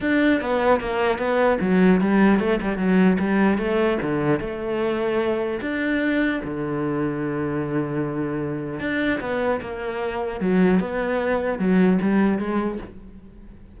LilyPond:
\new Staff \with { instrumentName = "cello" } { \time 4/4 \tempo 4 = 150 d'4 b4 ais4 b4 | fis4 g4 a8 g8 fis4 | g4 a4 d4 a4~ | a2 d'2 |
d1~ | d2 d'4 b4 | ais2 fis4 b4~ | b4 fis4 g4 gis4 | }